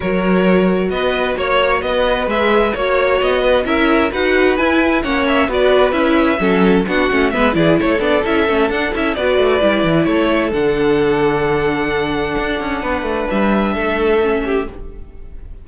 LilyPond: <<
  \new Staff \with { instrumentName = "violin" } { \time 4/4 \tempo 4 = 131 cis''2 dis''4 cis''4 | dis''4 e''4 cis''4 dis''4 | e''4 fis''4 gis''4 fis''8 e''8 | d''4 e''2 fis''4 |
e''8 d''8 cis''8 d''8 e''4 fis''8 e''8 | d''2 cis''4 fis''4~ | fis''1~ | fis''4 e''2. | }
  \new Staff \with { instrumentName = "violin" } { \time 4/4 ais'2 b'4 cis''4 | b'2 cis''4. b'8 | ais'4 b'2 cis''4 | b'2 a'4 fis'4 |
b'8 gis'8 a'2. | b'2 a'2~ | a'1 | b'2 a'4. g'8 | }
  \new Staff \with { instrumentName = "viola" } { \time 4/4 fis'1~ | fis'4 gis'4 fis'2 | e'4 fis'4 e'4 cis'4 | fis'4 e'4 cis'4 d'8 cis'8 |
b8 e'4 d'8 e'8 cis'8 d'8 e'8 | fis'4 e'2 d'4~ | d'1~ | d'2. cis'4 | }
  \new Staff \with { instrumentName = "cello" } { \time 4/4 fis2 b4 ais4 | b4 gis4 ais4 b4 | cis'4 dis'4 e'4 ais4 | b4 cis'4 fis4 b8 a8 |
gis8 e8 a8 b8 cis'8 a8 d'8 cis'8 | b8 a8 g8 e8 a4 d4~ | d2. d'8 cis'8 | b8 a8 g4 a2 | }
>>